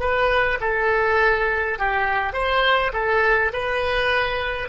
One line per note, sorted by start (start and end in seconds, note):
0.00 0.59 B4
0.61 1.79 A4
1.79 2.33 G4
2.33 2.92 C5
2.93 3.52 A4
3.53 4.69 B4